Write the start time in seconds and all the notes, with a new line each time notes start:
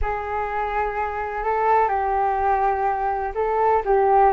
0.01 G#4
1.43 A4
1.88 G4
3.35 A4
3.85 G4